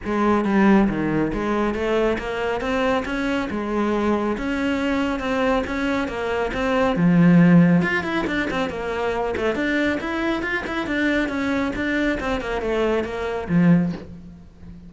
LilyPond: \new Staff \with { instrumentName = "cello" } { \time 4/4 \tempo 4 = 138 gis4 g4 dis4 gis4 | a4 ais4 c'4 cis'4 | gis2 cis'2 | c'4 cis'4 ais4 c'4 |
f2 f'8 e'8 d'8 c'8 | ais4. a8 d'4 e'4 | f'8 e'8 d'4 cis'4 d'4 | c'8 ais8 a4 ais4 f4 | }